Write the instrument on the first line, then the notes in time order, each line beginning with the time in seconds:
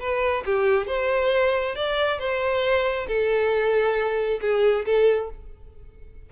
violin
0.00 B4
0.46 G4
0.87 C5
1.75 D5
2.19 C5
3.08 A4
4.41 G#4
4.86 A4